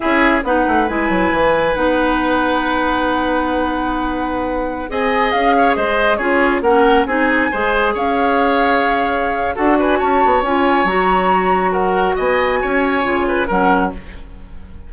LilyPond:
<<
  \new Staff \with { instrumentName = "flute" } { \time 4/4 \tempo 4 = 138 e''4 fis''4 gis''2 | fis''1~ | fis''2.~ fis''16 gis''8.~ | gis''16 f''4 dis''4 cis''4 fis''8.~ |
fis''16 gis''2 f''4.~ f''16~ | f''2 fis''8 gis''8 a''4 | gis''4 ais''2 fis''4 | gis''2. fis''4 | }
  \new Staff \with { instrumentName = "oboe" } { \time 4/4 gis'4 b'2.~ | b'1~ | b'2.~ b'16 dis''8.~ | dis''8. cis''8 c''4 gis'4 ais'8.~ |
ais'16 gis'4 c''4 cis''4.~ cis''16~ | cis''2 a'8 b'8 cis''4~ | cis''2. ais'4 | dis''4 cis''4. b'8 ais'4 | }
  \new Staff \with { instrumentName = "clarinet" } { \time 4/4 e'4 dis'4 e'2 | dis'1~ | dis'2.~ dis'16 gis'8.~ | gis'2~ gis'16 f'4 cis'8.~ |
cis'16 dis'4 gis'2~ gis'8.~ | gis'2 fis'2 | f'4 fis'2.~ | fis'2 f'4 cis'4 | }
  \new Staff \with { instrumentName = "bassoon" } { \time 4/4 cis'4 b8 a8 gis8 fis8 e4 | b1~ | b2.~ b16 c'8.~ | c'16 cis'4 gis4 cis'4 ais8.~ |
ais16 c'4 gis4 cis'4.~ cis'16~ | cis'2 d'4 cis'8 b8 | cis'4 fis2. | b4 cis'4 cis4 fis4 | }
>>